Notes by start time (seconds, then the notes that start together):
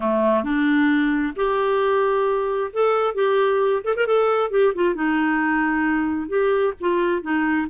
0.00 A3
0.43 D4
1.36 G4
2.72 A4
3.14 G4
3.83 A4
3.96 A#4
4.06 A4
4.50 G4
4.75 F4
4.94 D#4
6.28 G4
6.80 F4
7.22 D#4